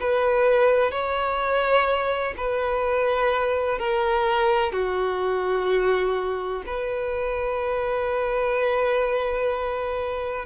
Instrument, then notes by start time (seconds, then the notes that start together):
violin
0.00 B4
0.91 C#5
2.37 B4
3.78 A#4
4.72 F#4
6.66 B4